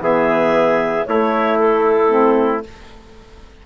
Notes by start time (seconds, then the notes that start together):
0.00 E3 B3 G#4 E5
1.06 A3 E4 C#5
1.58 A4
2.09 C4